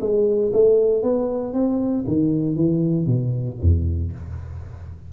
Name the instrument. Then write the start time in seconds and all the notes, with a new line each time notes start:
tuba
0.00 G#3
0.52 A3
1.02 B3
1.53 C4
2.07 D#3
2.55 E3
3.06 B2
3.61 E2